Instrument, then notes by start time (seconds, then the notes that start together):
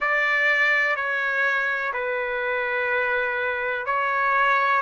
trumpet
0.00 D5
0.95 C#5
1.93 B4
3.85 C#5